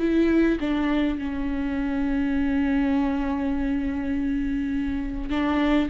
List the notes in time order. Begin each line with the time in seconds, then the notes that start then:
0.00 E4
0.61 D4
1.19 C#4
5.30 D4